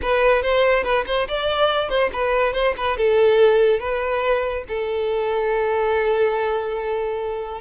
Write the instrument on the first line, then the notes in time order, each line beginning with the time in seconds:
violin
0.02 B4
0.42 C5
0.83 B4
1.06 C5
1.28 D5
1.89 C5
2.12 B4
2.53 C5
2.77 B4
2.97 A4
3.79 B4
4.68 A4